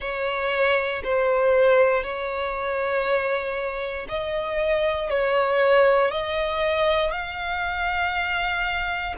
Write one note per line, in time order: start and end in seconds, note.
0.00 1.02 C#5
1.04 2.03 C5
2.03 4.07 C#5
4.09 5.09 D#5
5.09 6.11 C#5
6.11 7.11 D#5
7.11 9.15 F5